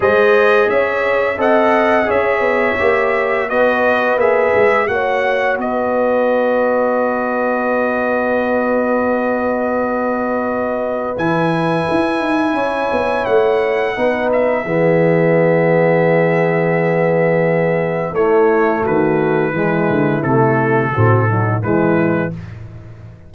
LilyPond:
<<
  \new Staff \with { instrumentName = "trumpet" } { \time 4/4 \tempo 4 = 86 dis''4 e''4 fis''4 e''4~ | e''4 dis''4 e''4 fis''4 | dis''1~ | dis''1 |
gis''2. fis''4~ | fis''8 e''2.~ e''8~ | e''2 cis''4 b'4~ | b'4 a'2 b'4 | }
  \new Staff \with { instrumentName = "horn" } { \time 4/4 c''4 cis''4 dis''4 cis''4~ | cis''4 b'2 cis''4 | b'1~ | b'1~ |
b'2 cis''2 | b'4 gis'2.~ | gis'2 e'4 fis'4 | e'2 fis'8 dis'8 e'4 | }
  \new Staff \with { instrumentName = "trombone" } { \time 4/4 gis'2 a'4 gis'4 | g'4 fis'4 gis'4 fis'4~ | fis'1~ | fis'1 |
e'1 | dis'4 b2.~ | b2 a2 | gis4 a4 c'8 fis8 gis4 | }
  \new Staff \with { instrumentName = "tuba" } { \time 4/4 gis4 cis'4 c'4 cis'8 b8 | ais4 b4 ais8 gis8 ais4 | b1~ | b1 |
e4 e'8 dis'8 cis'8 b8 a4 | b4 e2.~ | e2 a4 dis4 | e8 d8 c4 a,4 e4 | }
>>